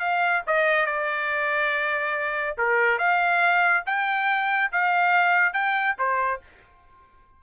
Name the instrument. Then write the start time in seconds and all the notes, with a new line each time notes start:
trumpet
0.00 F5
0.47 D#5
0.86 D5
2.58 A#4
2.99 F5
3.86 G5
4.72 F5
5.53 G5
5.99 C5